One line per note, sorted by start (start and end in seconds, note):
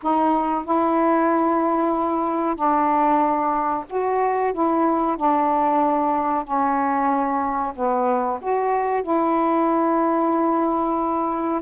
0.02 0.65 D#4
0.65 2.55 E4
2.55 3.84 D4
3.89 4.53 F#4
4.53 5.16 E4
5.16 6.44 D4
6.44 7.73 C#4
7.75 8.39 B3
8.41 9.03 F#4
9.03 11.61 E4